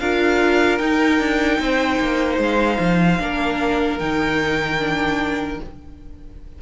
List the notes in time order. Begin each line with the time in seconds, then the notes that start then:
0.00 D4 F4 A#4 F5
0.78 D#4 G5
1.19 D4
1.59 C4 C5
2.00 A#3
2.38 G#3 F5
2.80 F3
3.20 A#3 D4 A#4
3.99 D#3 D#4 G5
4.80 D4